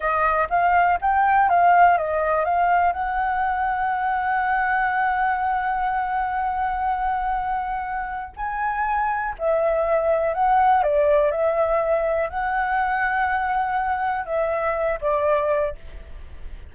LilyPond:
\new Staff \with { instrumentName = "flute" } { \time 4/4 \tempo 4 = 122 dis''4 f''4 g''4 f''4 | dis''4 f''4 fis''2~ | fis''1~ | fis''1~ |
fis''4 gis''2 e''4~ | e''4 fis''4 d''4 e''4~ | e''4 fis''2.~ | fis''4 e''4. d''4. | }